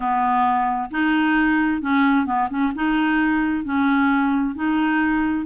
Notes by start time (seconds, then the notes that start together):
0.00 B3
0.90 D#4
1.81 C#4
2.26 B3
2.49 C#4
2.75 D#4
3.64 C#4
4.55 D#4